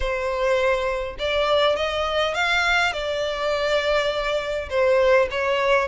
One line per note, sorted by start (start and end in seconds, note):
0.00 1.16 C5
1.18 1.76 D5
1.76 2.34 D#5
2.34 2.92 F5
2.92 4.69 D5
4.69 5.28 C5
5.30 5.87 C#5